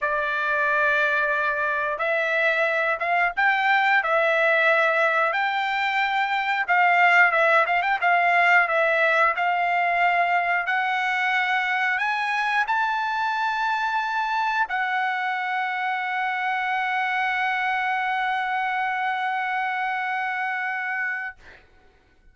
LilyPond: \new Staff \with { instrumentName = "trumpet" } { \time 4/4 \tempo 4 = 90 d''2. e''4~ | e''8 f''8 g''4 e''2 | g''2 f''4 e''8 f''16 g''16 | f''4 e''4 f''2 |
fis''2 gis''4 a''4~ | a''2 fis''2~ | fis''1~ | fis''1 | }